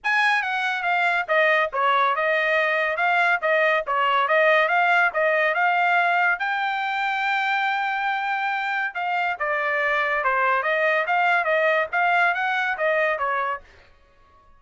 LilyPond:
\new Staff \with { instrumentName = "trumpet" } { \time 4/4 \tempo 4 = 141 gis''4 fis''4 f''4 dis''4 | cis''4 dis''2 f''4 | dis''4 cis''4 dis''4 f''4 | dis''4 f''2 g''4~ |
g''1~ | g''4 f''4 d''2 | c''4 dis''4 f''4 dis''4 | f''4 fis''4 dis''4 cis''4 | }